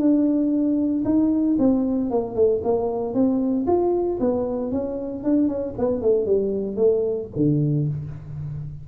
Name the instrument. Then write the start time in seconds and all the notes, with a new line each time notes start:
tuba
0.00 D4
1.05 D#4
1.59 C4
2.11 A#3
2.36 A3
2.64 A#3
3.14 C4
3.67 F4
4.20 B3
4.72 C#4
5.24 D4
5.49 C#4
5.79 B3
6.02 A3
6.26 G3
6.77 A3
7.36 D3